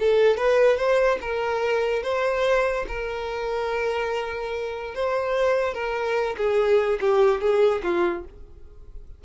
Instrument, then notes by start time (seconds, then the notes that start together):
violin
0.00 A4
0.38 B4
0.77 C5
1.22 A#4
2.03 C5
2.88 A#4
4.95 C5
5.74 A#4
6.37 G#4
7.01 G4
7.41 G#4
7.84 F4